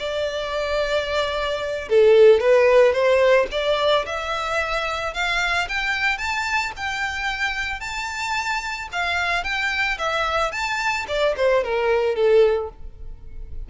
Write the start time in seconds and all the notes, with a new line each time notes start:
0.00 D5
1.89 A4
2.41 B4
2.93 C5
3.52 D5
4.06 E5
5.14 F5
5.69 G5
6.18 A5
6.77 G5
7.81 A5
8.93 F5
9.44 G5
9.99 E5
10.52 A5
11.08 D5
11.37 C5
11.64 A#4
12.16 A4